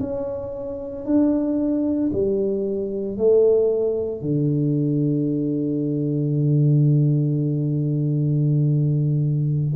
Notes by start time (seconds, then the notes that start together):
0.00 C#4
1.06 D4
2.12 G3
3.18 A3
4.22 D3